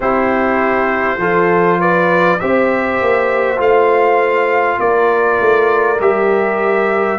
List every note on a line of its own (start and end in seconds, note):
0.00 1.17 C4
0.00 1.20 E4
0.00 1.18 G4
0.00 1.80 C5
1.17 2.37 F3
1.17 2.40 F4
1.17 1.79 A4
1.79 2.39 B4
1.79 2.39 D5
2.39 3.00 C4
2.39 3.56 G4
2.39 4.79 C5
2.39 3.59 E5
3.00 3.58 A#3
3.56 4.78 A3
3.56 5.96 F4
3.56 4.79 F5
4.79 5.39 A#3
4.79 7.19 A#4
4.79 6.00 D5
5.40 6.00 A3
6.00 7.19 G3
6.00 7.19 G4
6.00 7.19 E5